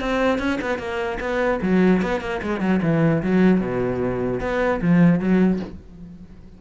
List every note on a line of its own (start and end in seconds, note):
0.00 0.39 C4
0.39 0.59 C#4
0.61 0.78 B3
0.78 1.18 A#3
1.20 1.60 B3
1.62 2.02 F#3
2.02 2.21 B3
2.21 2.41 A#3
2.42 2.60 G#3
2.60 2.80 F#3
2.83 3.23 E3
3.23 3.60 F#3
3.60 4.40 B2
4.40 4.80 B3
4.82 5.20 F3
5.20 5.60 F#3